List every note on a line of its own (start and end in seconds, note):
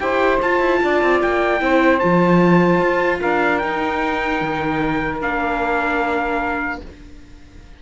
0.00 0.41 E4
0.00 0.40 G4
0.00 0.82 C5
0.00 0.40 G5
0.42 1.60 F4
0.42 0.60 F4
0.42 1.22 A5
0.60 0.80 E4
0.83 1.03 D4
0.83 1.63 D5
1.03 1.23 C4
1.22 1.61 A#3
1.22 1.99 G5
1.60 2.01 C4
1.60 2.00 E4
1.60 3.21 C5
1.99 2.81 F3
1.99 3.62 F4
1.99 3.19 A5
2.81 3.21 F4
3.21 3.64 D4
3.21 6.81 A#4
3.21 3.59 F5
3.59 5.21 D#4
3.59 4.42 D#4
3.59 5.19 G5
4.42 5.22 D#3
5.21 6.82 A#3
5.21 6.81 D4
5.21 6.82 F5